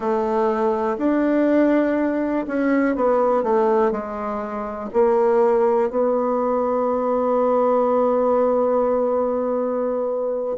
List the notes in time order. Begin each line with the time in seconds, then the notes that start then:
0.00 A3
0.97 D4
2.47 C#4
2.95 B3
3.43 A3
3.91 G#3
4.93 A#3
5.90 B3